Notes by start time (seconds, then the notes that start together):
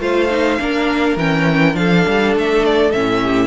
0.00 A3 F4 C5 F5
0.30 D#4
0.60 A#3 D4 A#4
1.17 E3 C#4 G5
1.74 F3 D4 A4 F5
2.08 G3
2.36 A3 E5
2.65 D5
2.92 A2 C#4 E5
3.23 G4